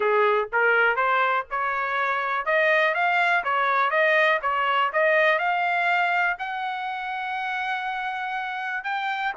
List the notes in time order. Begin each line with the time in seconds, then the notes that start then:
0.00 G#4
0.52 A#4
0.96 C5
1.50 C#5
2.45 D#5
2.94 F5
3.44 C#5
3.90 D#5
4.42 C#5
4.92 D#5
5.38 F5
6.38 F#5
8.84 G5